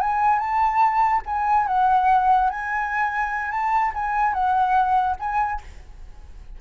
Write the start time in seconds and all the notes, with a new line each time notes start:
0.00 G#5
0.39 A5
1.26 G#5
1.67 F#5
2.50 G#5
3.51 A5
3.94 G#5
4.33 F#5
5.19 G#5